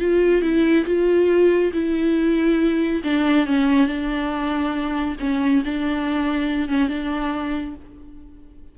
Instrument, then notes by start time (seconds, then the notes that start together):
viola
0.00 F4
0.42 E4
0.86 F4
1.73 E4
3.04 D4
3.47 C#4
3.87 D4
5.20 C#4
5.65 D4
6.69 C#4
6.89 D4